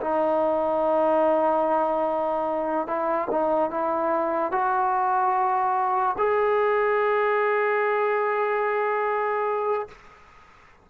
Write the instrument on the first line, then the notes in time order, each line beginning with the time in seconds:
trombone
0.00 D#4
2.87 E4
3.31 D#4
3.70 E4
4.51 F#4
6.18 G#4